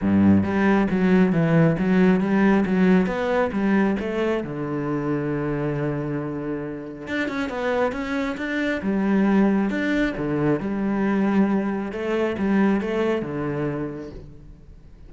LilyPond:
\new Staff \with { instrumentName = "cello" } { \time 4/4 \tempo 4 = 136 g,4 g4 fis4 e4 | fis4 g4 fis4 b4 | g4 a4 d2~ | d1 |
d'8 cis'8 b4 cis'4 d'4 | g2 d'4 d4 | g2. a4 | g4 a4 d2 | }